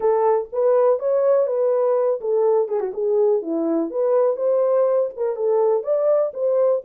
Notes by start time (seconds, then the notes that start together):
0.00 A4
0.52 B4
0.99 C#5
1.47 B4
2.20 A4
2.68 G#4
2.79 F#4
2.93 G#4
3.42 E4
3.90 B4
4.36 C5
5.16 A#4
5.35 A4
5.83 D5
6.33 C5